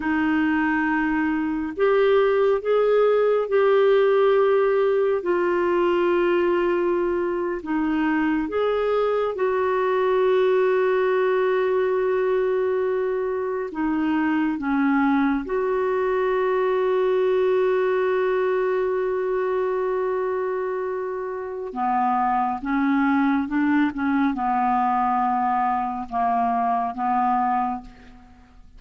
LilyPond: \new Staff \with { instrumentName = "clarinet" } { \time 4/4 \tempo 4 = 69 dis'2 g'4 gis'4 | g'2 f'2~ | f'8. dis'4 gis'4 fis'4~ fis'16~ | fis'2.~ fis'8. dis'16~ |
dis'8. cis'4 fis'2~ fis'16~ | fis'1~ | fis'4 b4 cis'4 d'8 cis'8 | b2 ais4 b4 | }